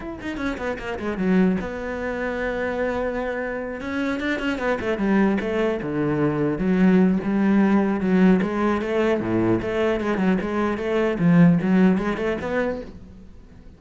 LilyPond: \new Staff \with { instrumentName = "cello" } { \time 4/4 \tempo 4 = 150 e'8 dis'8 cis'8 b8 ais8 gis8 fis4 | b1~ | b4. cis'4 d'8 cis'8 b8 | a8 g4 a4 d4.~ |
d8 fis4. g2 | fis4 gis4 a4 a,4 | a4 gis8 fis8 gis4 a4 | f4 fis4 gis8 a8 b4 | }